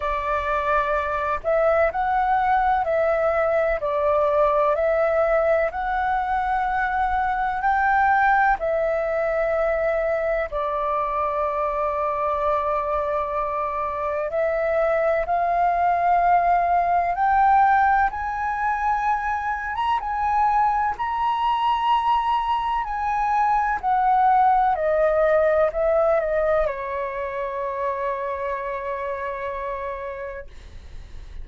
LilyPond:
\new Staff \with { instrumentName = "flute" } { \time 4/4 \tempo 4 = 63 d''4. e''8 fis''4 e''4 | d''4 e''4 fis''2 | g''4 e''2 d''4~ | d''2. e''4 |
f''2 g''4 gis''4~ | gis''8. ais''16 gis''4 ais''2 | gis''4 fis''4 dis''4 e''8 dis''8 | cis''1 | }